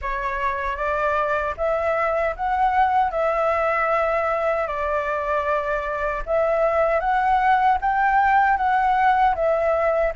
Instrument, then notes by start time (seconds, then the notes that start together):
flute
0.01 C#5
0.76 D5
1.57 E5
2.36 F#5
3.11 E5
4.67 D5
6.26 E5
7.00 F#5
7.81 G5
8.57 F#5
9.35 E5